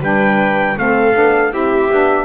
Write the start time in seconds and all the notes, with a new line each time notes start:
0.00 G3 D4 B4 G5
0.76 A3 C4 A4 F5
1.13 B3 D4
1.51 C4 E4 G4 E5
1.90 B3 D4